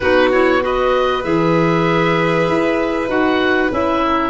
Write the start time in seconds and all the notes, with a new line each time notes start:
0.00 B3 D#4 F#4 B4
0.31 E4 C#5
0.61 F#4 B4 D#5
1.22 E3 G#4 E5
2.47 E4
3.07 D#4 F#4 F#5
3.71 C#4 E4 E5
4.04 A#4